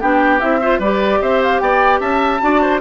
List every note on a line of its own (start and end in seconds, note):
0.00 0.42 B3
0.00 0.40 D4
0.00 0.60 G4
0.00 0.40 G5
0.40 0.79 C4
0.40 0.60 E4
0.40 0.80 E5
0.61 0.82 F4
0.61 0.79 C5
0.79 1.19 G3
0.79 2.41 G4
0.79 1.19 B4
0.79 1.22 D5
1.22 1.61 C4
1.22 1.62 C5
1.22 1.43 E5
1.43 1.59 F5
1.59 2.00 B3
1.59 2.00 D5
1.59 1.99 G5
2.00 2.40 C#4
2.00 2.40 E5
2.00 2.80 A5
2.41 2.81 D4
2.41 2.81 F#4
2.41 2.61 D5
2.61 2.81 C5